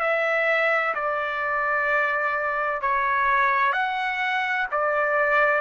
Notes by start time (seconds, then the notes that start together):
0.00 E5
0.94 D5
2.81 C#5
3.72 F#5
4.71 D5